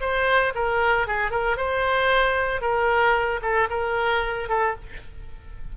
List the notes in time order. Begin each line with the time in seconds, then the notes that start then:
0.00 C5
0.55 A#4
1.07 G#4
1.30 A#4
1.56 C5
2.61 A#4
3.41 A4
3.69 A#4
4.48 A4